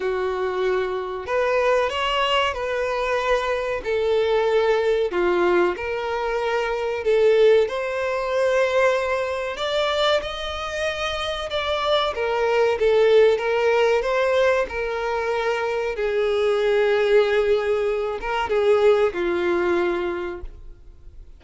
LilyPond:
\new Staff \with { instrumentName = "violin" } { \time 4/4 \tempo 4 = 94 fis'2 b'4 cis''4 | b'2 a'2 | f'4 ais'2 a'4 | c''2. d''4 |
dis''2 d''4 ais'4 | a'4 ais'4 c''4 ais'4~ | ais'4 gis'2.~ | gis'8 ais'8 gis'4 f'2 | }